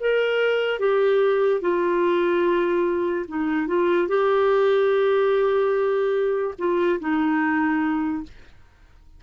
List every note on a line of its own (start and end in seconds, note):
0.00 0.80 A#4
0.80 1.61 G4
1.61 3.26 F4
3.28 3.68 D#4
3.68 4.08 F4
4.08 6.55 G4
6.59 7.00 F4
7.00 8.23 D#4